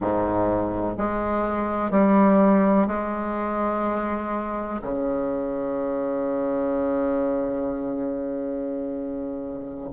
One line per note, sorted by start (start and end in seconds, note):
0.00 0.97 G#2
0.97 1.90 G#3
1.90 2.87 G3
2.87 4.80 G#3
4.82 9.90 C#3